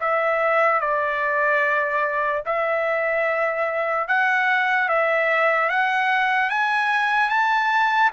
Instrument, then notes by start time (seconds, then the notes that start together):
trumpet
0.00 E5
0.80 D5
2.45 E5
4.08 F#5
4.89 E5
5.69 F#5
6.49 G#5
7.29 A5